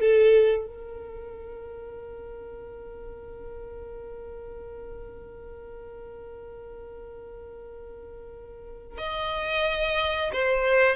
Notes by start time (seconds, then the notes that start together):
0.00 A4
0.67 A#4
8.98 D#5
10.33 C5